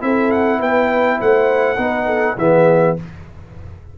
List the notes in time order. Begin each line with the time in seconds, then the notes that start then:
0.00 C4 E4 A4 E5
0.31 F#5
0.59 B3 B4 G5
1.19 A3 C5 F#5
1.77 B3 D#4 B4
2.06 A4
2.37 E3 B3 G#4 E5